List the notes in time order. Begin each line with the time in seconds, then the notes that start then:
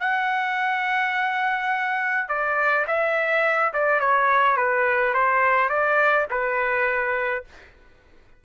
0.00 F#5
2.29 D5
2.87 E5
3.73 D5
4.00 C#5
4.57 B4
5.14 C5
5.69 D5
6.30 B4